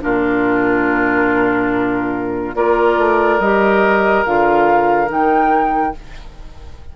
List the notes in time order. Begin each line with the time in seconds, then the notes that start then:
0.00 A#2 D4 F4 A#4
2.55 A#3 F4 A#4 D5
2.98 A3
3.39 G3 G4 D#5
4.26 D3 F4 F5
5.07 D#3 D#4 G5